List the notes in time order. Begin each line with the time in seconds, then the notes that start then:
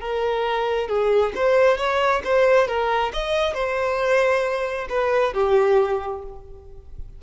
0.00 A#4
0.88 G#4
1.35 C5
1.77 C#5
2.24 C5
2.67 A#4
3.13 D#5
3.54 C5
4.89 B4
5.33 G4